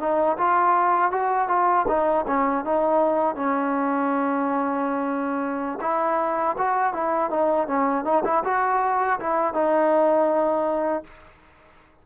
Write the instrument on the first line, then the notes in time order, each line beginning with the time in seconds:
trombone
0.00 D#4
0.39 F4
1.12 F#4
1.49 F4
1.89 D#4
2.27 C#4
2.65 D#4
3.36 C#4
5.82 E4
6.58 F#4
6.94 E4
7.31 D#4
7.68 C#4
8.05 D#4
8.25 E4
8.45 F#4
9.20 E4
9.54 D#4